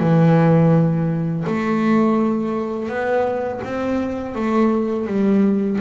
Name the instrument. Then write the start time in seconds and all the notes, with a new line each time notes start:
double bass
0.00 E3
1.47 A3
2.89 B3
3.65 C4
4.36 A3
5.08 G3